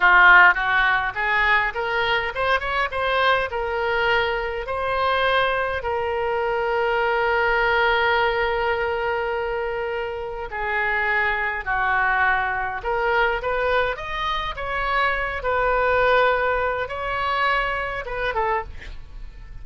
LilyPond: \new Staff \with { instrumentName = "oboe" } { \time 4/4 \tempo 4 = 103 f'4 fis'4 gis'4 ais'4 | c''8 cis''8 c''4 ais'2 | c''2 ais'2~ | ais'1~ |
ais'2 gis'2 | fis'2 ais'4 b'4 | dis''4 cis''4. b'4.~ | b'4 cis''2 b'8 a'8 | }